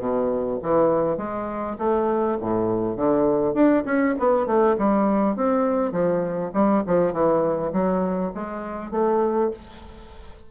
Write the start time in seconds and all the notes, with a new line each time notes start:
0.00 B2
0.63 E3
1.18 G#3
1.79 A3
2.41 A2
2.97 D3
3.55 D4
3.86 C#4
4.20 B3
4.47 A3
4.78 G3
5.36 C4
5.92 F3
6.54 G3
6.87 F3
7.13 E3
7.73 F#3
8.35 G#3
8.92 A3